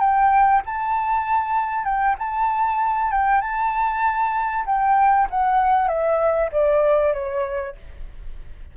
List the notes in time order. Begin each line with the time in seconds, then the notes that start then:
0.00 G5
0.66 A5
1.84 G5
2.19 A5
3.12 G5
3.41 A5
4.66 G5
5.30 F#5
5.88 E5
6.52 D5
7.14 C#5